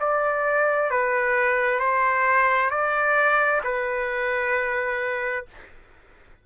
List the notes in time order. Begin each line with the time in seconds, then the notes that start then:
0.00 D5
0.90 B4
1.79 C5
2.70 D5
3.64 B4